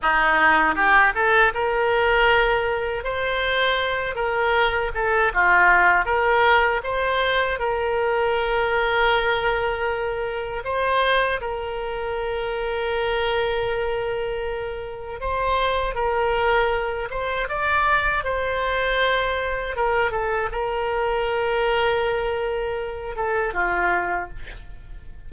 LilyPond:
\new Staff \with { instrumentName = "oboe" } { \time 4/4 \tempo 4 = 79 dis'4 g'8 a'8 ais'2 | c''4. ais'4 a'8 f'4 | ais'4 c''4 ais'2~ | ais'2 c''4 ais'4~ |
ais'1 | c''4 ais'4. c''8 d''4 | c''2 ais'8 a'8 ais'4~ | ais'2~ ais'8 a'8 f'4 | }